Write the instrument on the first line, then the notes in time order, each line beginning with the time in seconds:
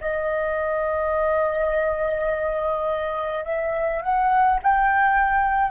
flute
0.00 D#5
3.44 E5
4.02 F#5
4.63 G5